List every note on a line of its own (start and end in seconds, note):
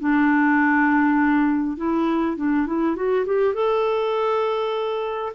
0.00 1.77 D4
1.77 2.37 E4
2.37 2.67 D4
2.67 2.96 E4
2.96 3.26 F#4
3.26 3.54 G4
3.54 5.32 A4